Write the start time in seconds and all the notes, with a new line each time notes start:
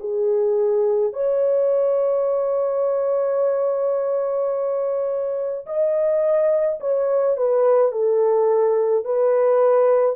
0.00 G#4
1.13 C#5
5.67 D#5
6.81 C#5
7.37 B4
7.92 A4
9.05 B4